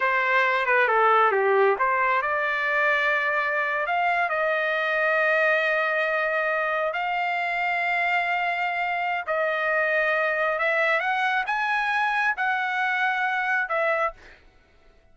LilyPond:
\new Staff \with { instrumentName = "trumpet" } { \time 4/4 \tempo 4 = 136 c''4. b'8 a'4 g'4 | c''4 d''2.~ | d''8. f''4 dis''2~ dis''16~ | dis''2.~ dis''8. f''16~ |
f''1~ | f''4 dis''2. | e''4 fis''4 gis''2 | fis''2. e''4 | }